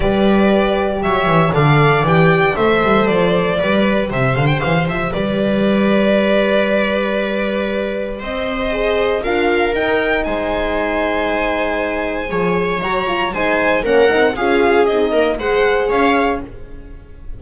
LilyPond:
<<
  \new Staff \with { instrumentName = "violin" } { \time 4/4 \tempo 4 = 117 d''2 e''4 f''4 | g''4 e''4 d''2 | e''8 f''16 g''16 f''8 e''8 d''2~ | d''1 |
dis''2 f''4 g''4 | gis''1~ | gis''4 ais''4 gis''4 fis''4 | f''4 dis''4 fis''4 f''4 | }
  \new Staff \with { instrumentName = "viola" } { \time 4/4 b'2 cis''4 d''4~ | d''4 c''2 b'4 | c''2 b'2~ | b'1 |
c''2 ais'2 | c''1 | cis''2 c''4 ais'4 | gis'4. ais'8 c''4 cis''4 | }
  \new Staff \with { instrumentName = "horn" } { \time 4/4 g'2. a'4 | g'4 a'2 g'4~ | g'1~ | g'1~ |
g'4 gis'4 f'4 dis'4~ | dis'1 | gis'4 fis'8 f'8 dis'4 cis'8 dis'8 | f'4 dis'4 gis'2 | }
  \new Staff \with { instrumentName = "double bass" } { \time 4/4 g2 fis8 e8 d4 | e4 a8 g8 f4 g4 | c8 d8 e8 f8 g2~ | g1 |
c'2 d'4 dis'4 | gis1 | f4 fis4 gis4 ais8 c'8 | cis'4 c'8 ais8 gis4 cis'4 | }
>>